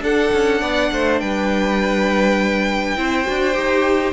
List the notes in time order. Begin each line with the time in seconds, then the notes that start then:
0.00 D4 A4 F#5
0.33 C#4
0.61 B3 D5
0.91 A3 C5
1.19 G3 B4 G5
2.96 C4 E4 C5
3.24 D4 F#4
3.53 D#4 G4